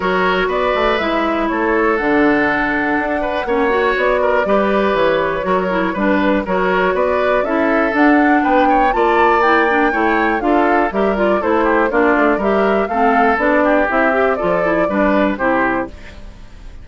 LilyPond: <<
  \new Staff \with { instrumentName = "flute" } { \time 4/4 \tempo 4 = 121 cis''4 d''4 e''4 cis''4 | fis''1 | d''2 cis''2 | b'4 cis''4 d''4 e''4 |
fis''4 g''4 a''4 g''4~ | g''4 f''4 e''8 d''8 c''4 | d''4 e''4 f''4 d''4 | e''4 d''2 c''4 | }
  \new Staff \with { instrumentName = "oboe" } { \time 4/4 ais'4 b'2 a'4~ | a'2~ a'8 b'8 cis''4~ | cis''8 ais'8 b'2 ais'4 | b'4 ais'4 b'4 a'4~ |
a'4 b'8 cis''8 d''2 | cis''4 a'4 ais'4 a'8 g'8 | f'4 ais'4 a'4. g'8~ | g'4 a'4 b'4 g'4 | }
  \new Staff \with { instrumentName = "clarinet" } { \time 4/4 fis'2 e'2 | d'2. cis'8 fis'8~ | fis'4 g'2 fis'8 e'8 | d'4 fis'2 e'4 |
d'2 f'4 e'8 d'8 | e'4 f'4 g'8 f'8 e'4 | d'4 g'4 c'4 d'4 | e'8 g'8 f'8 e'8 d'4 e'4 | }
  \new Staff \with { instrumentName = "bassoon" } { \time 4/4 fis4 b8 a8 gis4 a4 | d2 d'4 ais4 | b4 g4 e4 fis4 | g4 fis4 b4 cis'4 |
d'4 b4 ais2 | a4 d'4 g4 a4 | ais8 a8 g4 a4 b4 | c'4 f4 g4 c4 | }
>>